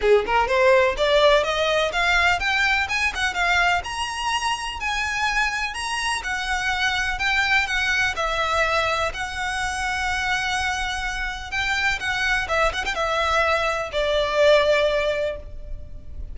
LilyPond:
\new Staff \with { instrumentName = "violin" } { \time 4/4 \tempo 4 = 125 gis'8 ais'8 c''4 d''4 dis''4 | f''4 g''4 gis''8 fis''8 f''4 | ais''2 gis''2 | ais''4 fis''2 g''4 |
fis''4 e''2 fis''4~ | fis''1 | g''4 fis''4 e''8 fis''16 g''16 e''4~ | e''4 d''2. | }